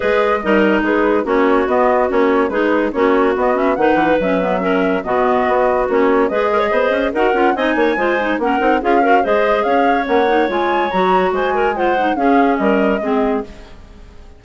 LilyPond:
<<
  \new Staff \with { instrumentName = "flute" } { \time 4/4 \tempo 4 = 143 dis''2 b'4 cis''4 | dis''4 cis''4 b'4 cis''4 | dis''8 e''8 fis''4 e''2 | dis''2 cis''4 dis''4~ |
dis''4 fis''4 gis''2 | fis''4 f''4 dis''4 f''4 | fis''4 gis''4 ais''4 gis''4 | fis''4 f''4 dis''2 | }
  \new Staff \with { instrumentName = "clarinet" } { \time 4/4 b'4 ais'4 gis'4 fis'4~ | fis'2 gis'4 fis'4~ | fis'4 b'2 ais'4 | fis'2. b'8 ais'16 cis''16 |
c''4 ais'4 dis''8 cis''8 c''4 | ais'4 gis'8 ais'8 c''4 cis''4~ | cis''2. c''8 ais'8 | c''4 gis'4 ais'4 gis'4 | }
  \new Staff \with { instrumentName = "clarinet" } { \time 4/4 gis'4 dis'2 cis'4 | b4 cis'4 dis'4 cis'4 | b8 cis'8 dis'4 cis'8 b8 cis'4 | b2 cis'4 gis'4~ |
gis'4 fis'8 f'8 dis'4 f'8 dis'8 | cis'8 dis'8 f'8 fis'8 gis'2 | cis'8 dis'8 f'4 fis'2 | f'8 dis'8 cis'2 c'4 | }
  \new Staff \with { instrumentName = "bassoon" } { \time 4/4 gis4 g4 gis4 ais4 | b4 ais4 gis4 ais4 | b4 dis8 e8 fis2 | b,4 b4 ais4 gis4 |
b8 cis'8 dis'8 cis'8 c'8 ais8 gis4 | ais8 c'8 cis'4 gis4 cis'4 | ais4 gis4 fis4 gis4~ | gis4 cis'4 g4 gis4 | }
>>